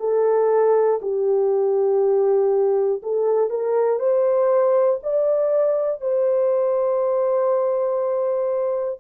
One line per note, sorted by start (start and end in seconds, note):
0.00 1.00 A4
1.02 3.02 G4
3.03 3.50 A4
3.50 4.00 A#4
4.00 5.00 C5
5.04 6.02 D5
6.02 9.00 C5